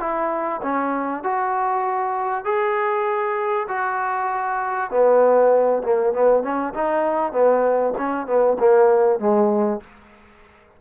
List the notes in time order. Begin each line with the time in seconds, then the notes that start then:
0.00 E4
0.62 C#4
1.24 F#4
2.45 G#4
3.68 F#4
4.91 B3
5.83 A#3
6.13 B3
6.43 C#4
6.74 D#4
7.32 B3
7.98 C#4
8.27 B3
8.59 A#3
9.19 G#3